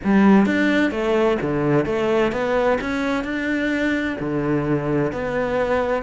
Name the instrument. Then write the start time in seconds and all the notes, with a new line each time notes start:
cello
0.04 G3
0.46 D4
0.91 A3
1.41 D3
1.85 A3
2.32 B3
2.81 C#4
3.24 D4
4.19 D3
5.12 B3